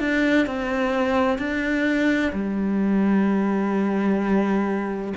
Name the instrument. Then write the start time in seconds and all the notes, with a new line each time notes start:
cello
0.00 D4
0.46 C4
1.38 D4
2.33 G3